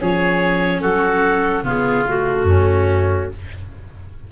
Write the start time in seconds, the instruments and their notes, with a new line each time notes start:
0.00 tuba F3, viola C#4, oboe G#4, clarinet C#5
0.81 tuba F#3, oboe F#4, clarinet A4
1.62 tuba C#3, viola B3, oboe F4, clarinet G#4
2.07 viola A3, clarinet F#4
2.43 tuba F#2, oboe C#4